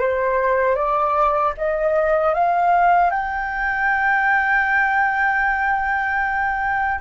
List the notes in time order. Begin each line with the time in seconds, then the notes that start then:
0.00 C5
0.76 D5
1.58 D#5
2.35 F5
3.11 G5